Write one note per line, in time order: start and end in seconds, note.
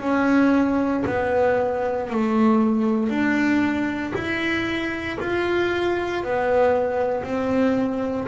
0.00 1.03 C#4
1.06 2.09 B3
2.09 3.09 A3
3.09 4.12 D4
4.15 5.18 E4
5.20 6.23 F4
6.23 7.24 B3
7.24 8.27 C4